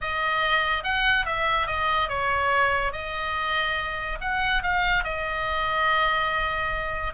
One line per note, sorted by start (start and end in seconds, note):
0.01 0.83 D#5
0.83 1.25 F#5
1.25 1.66 E5
1.66 2.08 D#5
2.08 2.92 C#5
2.92 4.18 D#5
4.20 4.62 F#5
4.62 5.03 F5
5.03 7.13 D#5